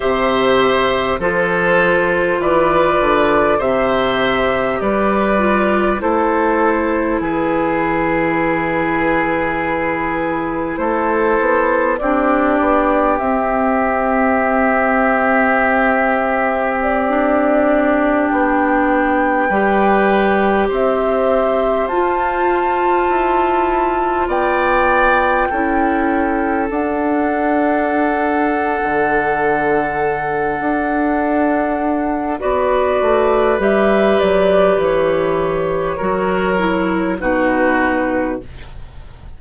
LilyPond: <<
  \new Staff \with { instrumentName = "flute" } { \time 4/4 \tempo 4 = 50 e''4 c''4 d''4 e''4 | d''4 c''4 b'2~ | b'4 c''4 d''4 e''4~ | e''2 d''4~ d''16 g''8.~ |
g''4~ g''16 e''4 a''4.~ a''16~ | a''16 g''2 fis''4.~ fis''16~ | fis''2. d''4 | e''8 d''8 cis''2 b'4 | }
  \new Staff \with { instrumentName = "oboe" } { \time 4/4 c''4 a'4 b'4 c''4 | b'4 a'4 gis'2~ | gis'4 a'4 g'2~ | g'1~ |
g'16 b'4 c''2~ c''8.~ | c''16 d''4 a'2~ a'8.~ | a'2. b'4~ | b'2 ais'4 fis'4 | }
  \new Staff \with { instrumentName = "clarinet" } { \time 4/4 g'4 f'2 g'4~ | g'8 f'8 e'2.~ | e'2 d'4 c'4~ | c'2~ c'16 d'4.~ d'16~ |
d'16 g'2 f'4.~ f'16~ | f'4~ f'16 e'4 d'4.~ d'16~ | d'2. fis'4 | g'2 fis'8 e'8 dis'4 | }
  \new Staff \with { instrumentName = "bassoon" } { \time 4/4 c4 f4 e8 d8 c4 | g4 a4 e2~ | e4 a8 b8 c'8 b8 c'4~ | c'2.~ c'16 b8.~ |
b16 g4 c'4 f'4 e'8.~ | e'16 b4 cis'4 d'4.~ d'16 | d4. d'4. b8 a8 | g8 fis8 e4 fis4 b,4 | }
>>